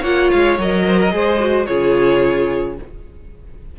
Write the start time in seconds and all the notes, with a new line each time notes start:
0.00 A#3 F4 C#5 F#5
0.31 G#3 F5
0.58 F#3 A#4 D#5
0.86 C5
1.00 A#4
1.11 G#3 G#4 C5
1.40 F#4
1.66 C#3 F4 G#4 C#5